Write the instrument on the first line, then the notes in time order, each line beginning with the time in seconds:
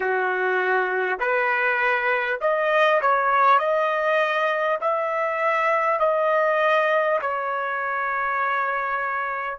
trumpet
0.00 F#4
1.19 B4
2.41 D#5
3.01 C#5
3.58 D#5
4.80 E5
5.99 D#5
7.21 C#5